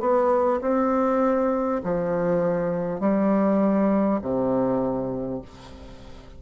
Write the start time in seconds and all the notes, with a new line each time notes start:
0.00 B3
0.61 C4
1.84 F3
3.01 G3
4.22 C3